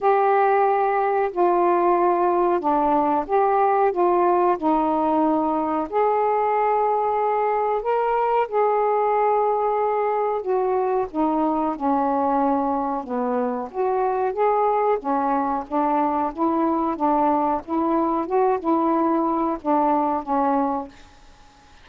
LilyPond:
\new Staff \with { instrumentName = "saxophone" } { \time 4/4 \tempo 4 = 92 g'2 f'2 | d'4 g'4 f'4 dis'4~ | dis'4 gis'2. | ais'4 gis'2. |
fis'4 dis'4 cis'2 | b4 fis'4 gis'4 cis'4 | d'4 e'4 d'4 e'4 | fis'8 e'4. d'4 cis'4 | }